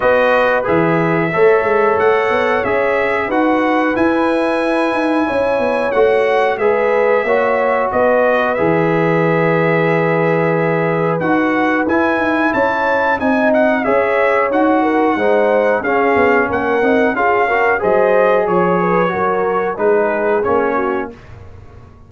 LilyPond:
<<
  \new Staff \with { instrumentName = "trumpet" } { \time 4/4 \tempo 4 = 91 dis''4 e''2 fis''4 | e''4 fis''4 gis''2~ | gis''4 fis''4 e''2 | dis''4 e''2.~ |
e''4 fis''4 gis''4 a''4 | gis''8 fis''8 e''4 fis''2 | f''4 fis''4 f''4 dis''4 | cis''2 b'4 cis''4 | }
  \new Staff \with { instrumentName = "horn" } { \time 4/4 b'2 cis''2~ | cis''4 b'2. | cis''2 b'4 cis''4 | b'1~ |
b'2. cis''4 | dis''4 cis''4. ais'8 c''4 | gis'4 ais'4 gis'8 ais'8 c''4 | cis''8 b'8 ais'4 gis'4. fis'8 | }
  \new Staff \with { instrumentName = "trombone" } { \time 4/4 fis'4 gis'4 a'2 | gis'4 fis'4 e'2~ | e'4 fis'4 gis'4 fis'4~ | fis'4 gis'2.~ |
gis'4 fis'4 e'2 | dis'4 gis'4 fis'4 dis'4 | cis'4. dis'8 f'8 fis'8 gis'4~ | gis'4 fis'4 dis'4 cis'4 | }
  \new Staff \with { instrumentName = "tuba" } { \time 4/4 b4 e4 a8 gis8 a8 b8 | cis'4 dis'4 e'4. dis'8 | cis'8 b8 a4 gis4 ais4 | b4 e2.~ |
e4 dis'4 e'8 dis'8 cis'4 | c'4 cis'4 dis'4 gis4 | cis'8 b8 ais8 c'8 cis'4 fis4 | f4 fis4 gis4 ais4 | }
>>